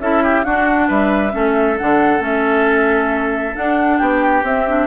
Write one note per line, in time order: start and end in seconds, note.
0.00 0.44 C#4
0.00 0.45 E4
0.00 0.23 A4
0.00 0.44 E5
0.23 0.45 G4
0.44 0.89 D4
0.44 1.31 D4
0.44 0.88 F#4
0.44 0.88 F#5
0.88 1.34 G3
0.88 1.32 B4
0.88 1.78 E5
1.31 1.78 A3
1.31 1.76 C#4
1.31 3.98 A4
1.78 2.20 D3
1.78 2.19 D4
1.78 2.22 F#5
2.19 3.53 A3
2.19 3.52 C#4
2.19 3.56 E5
3.55 4.44 D4
3.55 4.00 D4
3.55 3.98 F#5
3.98 4.42 B3
3.98 4.87 G4
3.98 4.42 G5
4.42 4.87 C4
4.42 4.67 C4
4.42 4.87 E5
4.67 4.87 D4